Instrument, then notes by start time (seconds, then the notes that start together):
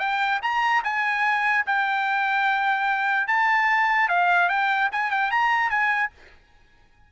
trumpet
0.00 G5
0.43 A#5
0.84 G#5
1.67 G5
3.28 A5
4.09 F5
4.49 G5
4.92 G#5
5.11 G5
5.31 A#5
5.70 G#5